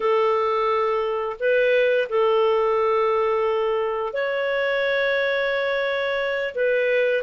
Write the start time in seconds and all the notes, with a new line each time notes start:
0.00 A4
1.39 B4
2.09 A4
4.13 C#5
6.55 B4